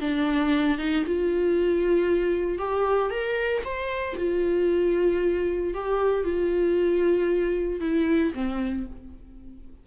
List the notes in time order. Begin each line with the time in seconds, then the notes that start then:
0.00 D4
0.78 D#4
1.06 F4
2.58 G4
3.10 A#4
3.64 C5
4.17 F4
5.73 G4
6.23 F4
7.80 E4
8.34 C4